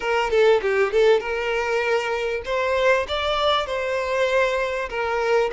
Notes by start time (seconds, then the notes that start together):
0.00 A#4
0.30 A4
0.61 G4
0.92 A4
1.19 A#4
2.45 C5
3.08 D5
3.66 C5
4.89 A#4